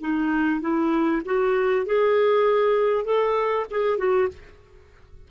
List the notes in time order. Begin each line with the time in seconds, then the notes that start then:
0.00 D#4
0.61 E4
1.25 F#4
1.86 G#4
3.05 A4
3.70 G#4
3.98 F#4